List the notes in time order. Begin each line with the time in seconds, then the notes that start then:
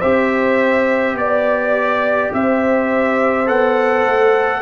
0.00 C4 G4 C5 E5
1.14 B3 D5
2.33 C4 C5 E5
3.46 B3 A4 F#5
4.05 A3